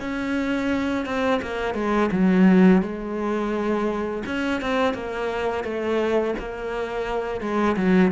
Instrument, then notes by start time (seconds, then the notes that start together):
cello
0.00 C#4
1.05 C4
1.41 A#3
1.74 G#3
2.11 F#3
2.82 G#3
4.26 C#4
4.61 C4
4.94 A#3
5.63 A3
6.38 A#3
7.40 G#3
7.76 F#3